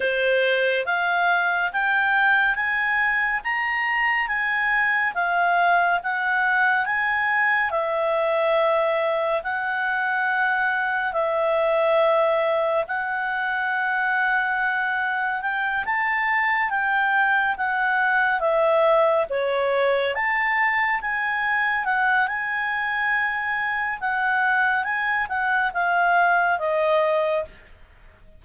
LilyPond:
\new Staff \with { instrumentName = "clarinet" } { \time 4/4 \tempo 4 = 70 c''4 f''4 g''4 gis''4 | ais''4 gis''4 f''4 fis''4 | gis''4 e''2 fis''4~ | fis''4 e''2 fis''4~ |
fis''2 g''8 a''4 g''8~ | g''8 fis''4 e''4 cis''4 a''8~ | a''8 gis''4 fis''8 gis''2 | fis''4 gis''8 fis''8 f''4 dis''4 | }